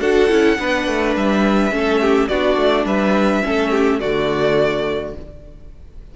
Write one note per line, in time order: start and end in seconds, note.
0.00 0.29 D4
0.00 0.29 F#4
0.00 0.57 A4
0.00 1.14 F#5
0.29 0.58 C#4
0.29 0.57 E4
0.58 0.87 B3
0.58 1.71 D4
0.58 1.73 B4
0.87 1.15 A3
1.15 1.71 G3
1.15 2.27 E5
1.71 2.28 A3
1.71 2.28 C#4
1.71 2.01 A4
2.01 2.29 G4
2.27 2.56 B3
2.27 3.43 D4
2.27 2.85 F#4
2.27 2.85 D5
2.56 2.85 A3
2.85 3.42 G3
2.85 3.42 B4
2.85 4.00 E5
3.43 4.01 A3
3.43 4.00 C#4
3.43 3.70 A4
3.70 3.99 G4
4.00 5.15 D3
4.00 5.14 A3
4.00 5.14 F#4
4.00 5.14 D5